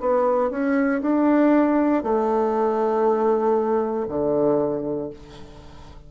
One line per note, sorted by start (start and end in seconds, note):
0.00 0.50 B3
0.50 1.01 C#4
1.01 2.03 D4
2.03 4.06 A3
4.08 5.10 D3